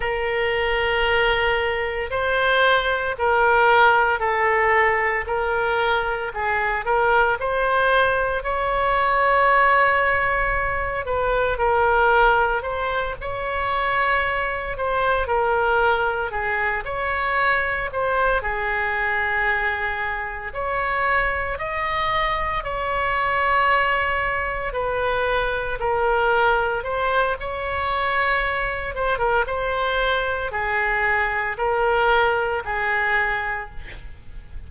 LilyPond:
\new Staff \with { instrumentName = "oboe" } { \time 4/4 \tempo 4 = 57 ais'2 c''4 ais'4 | a'4 ais'4 gis'8 ais'8 c''4 | cis''2~ cis''8 b'8 ais'4 | c''8 cis''4. c''8 ais'4 gis'8 |
cis''4 c''8 gis'2 cis''8~ | cis''8 dis''4 cis''2 b'8~ | b'8 ais'4 c''8 cis''4. c''16 ais'16 | c''4 gis'4 ais'4 gis'4 | }